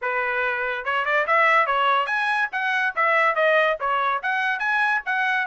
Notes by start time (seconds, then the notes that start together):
0.01 B4
0.84 C#5
1.05 D5
1.26 E5
1.66 C#5
2.06 G#5
2.52 F#5
2.95 E5
3.35 D#5
3.80 C#5
4.22 F#5
4.59 G#5
5.05 F#5